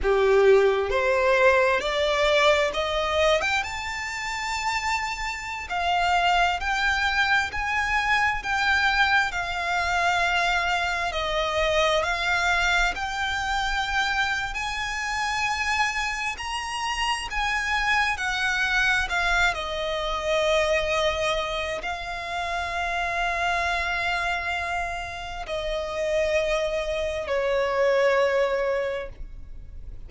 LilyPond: \new Staff \with { instrumentName = "violin" } { \time 4/4 \tempo 4 = 66 g'4 c''4 d''4 dis''8. g''16 | a''2~ a''16 f''4 g''8.~ | g''16 gis''4 g''4 f''4.~ f''16~ | f''16 dis''4 f''4 g''4.~ g''16 |
gis''2 ais''4 gis''4 | fis''4 f''8 dis''2~ dis''8 | f''1 | dis''2 cis''2 | }